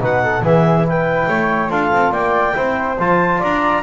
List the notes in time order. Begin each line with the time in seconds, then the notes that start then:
0.00 B2 D#4 B4 F#5
0.24 A4
0.42 E3 B3 G#4 E5
0.84 E4 B4 G5
1.28 A3 C#5
1.70 D4 F4 A4 F5
1.92 C4
2.12 A#3 D5 G5
2.55 C4 E4 C5
3.00 F3 F4 A5
3.39 D4 D5 A#5